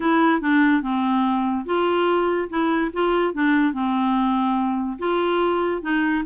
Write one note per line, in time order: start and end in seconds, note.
0.00 0.41 E4
0.41 0.82 D4
0.82 1.65 C4
1.65 2.48 F4
2.49 2.91 E4
2.93 3.34 F4
3.34 3.73 D4
3.73 4.98 C4
4.98 5.82 F4
5.82 6.23 D#4